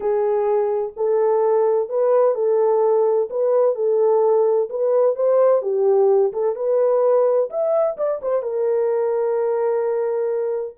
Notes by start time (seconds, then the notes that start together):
0.00 G#4
0.96 A4
1.89 B4
2.34 A4
3.30 B4
3.75 A4
4.69 B4
5.15 C5
5.62 G4
6.32 A4
6.55 B4
7.49 E5
7.97 D5
8.22 C5
8.42 A#4